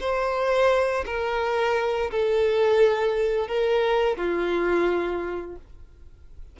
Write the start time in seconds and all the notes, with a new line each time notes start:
0.00 C5
1.06 A#4
2.11 A4
3.48 A#4
4.17 F4